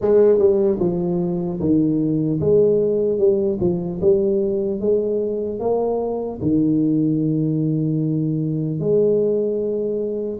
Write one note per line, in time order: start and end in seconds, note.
0.01 0.38 G#3
0.38 0.78 G3
0.79 1.59 F3
1.60 2.40 D#3
2.40 3.18 G#3
3.18 3.58 G3
3.60 4.00 F3
4.01 4.80 G3
4.80 5.59 G#3
5.59 6.39 A#3
6.41 8.79 D#3
8.79 10.39 G#3